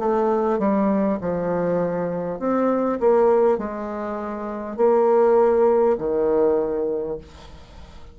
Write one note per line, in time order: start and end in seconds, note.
0.00 0.59 A3
0.59 1.19 G3
1.21 2.39 F3
2.39 2.99 C4
3.01 3.59 A#3
3.59 4.77 G#3
4.77 5.97 A#3
5.98 7.18 D#3